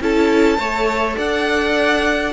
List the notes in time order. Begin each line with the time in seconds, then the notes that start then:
0.00 C#4 E4 A4 A5
0.58 A3 A4 C#5
1.16 D4 D5 F#5